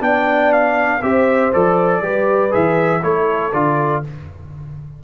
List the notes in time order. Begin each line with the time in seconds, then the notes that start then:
0.00 B3 D4 D5 G5
0.52 F5
1.02 C4 G4 C5 E5
1.53 F3 A4 D5
2.02 G3 G4 B4
2.50 E3 G#4 E5
3.02 A3 E4 A4 C#5
3.52 D3 F4 D5